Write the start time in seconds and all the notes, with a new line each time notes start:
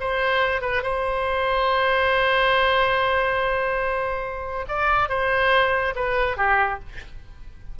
0.00 C5
0.61 B4
0.82 C5
4.68 D5
5.09 C5
5.95 B4
6.37 G4